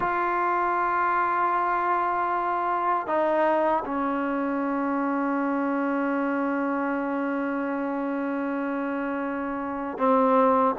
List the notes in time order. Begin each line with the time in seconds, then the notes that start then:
0.00 F4
3.06 D#4
3.85 C#4
9.98 C4